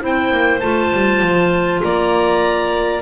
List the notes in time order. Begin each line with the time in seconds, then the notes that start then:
0.00 C4 E4 C5
0.06 G5
0.32 A#3
0.60 A3 F4 A5
0.93 G3
1.22 F3
1.83 A#3 D5 A#5